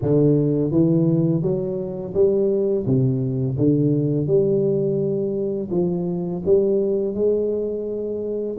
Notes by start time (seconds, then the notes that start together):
0.02 D3
0.71 E3
1.42 F#3
2.14 G3
2.86 C3
3.57 D3
4.27 G3
5.70 F3
6.44 G3
7.14 G#3